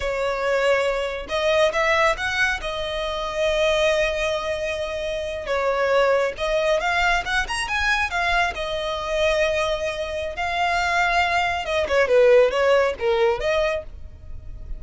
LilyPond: \new Staff \with { instrumentName = "violin" } { \time 4/4 \tempo 4 = 139 cis''2. dis''4 | e''4 fis''4 dis''2~ | dis''1~ | dis''8. cis''2 dis''4 f''16~ |
f''8. fis''8 ais''8 gis''4 f''4 dis''16~ | dis''1 | f''2. dis''8 cis''8 | b'4 cis''4 ais'4 dis''4 | }